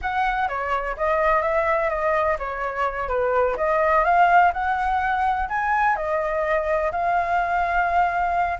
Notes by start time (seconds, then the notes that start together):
0.01 F#5
0.48 C#5
0.96 D#5
1.42 E5
1.89 D#5
2.38 C#5
3.08 B4
3.56 D#5
4.04 F5
4.53 F#5
5.48 G#5
5.95 D#5
6.91 F5